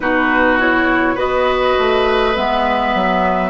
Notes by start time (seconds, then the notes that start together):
0.00 B2 D#4 F#4 B4
0.59 E4 C#5
1.14 B3 F#4 B4 D#5
1.78 A3
2.36 G#3 B3 E5
2.94 F#3